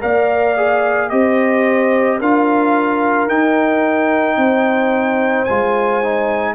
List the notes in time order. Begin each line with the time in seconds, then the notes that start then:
0.00 A#3 A#4 D5 F5
0.56 G#4
1.09 C4 G4 C5 D#5
2.18 D4 F4 A#4 F5
3.27 D#4 G5
4.36 C4 C5
5.44 G#3 F4 G#5
6.03 D#4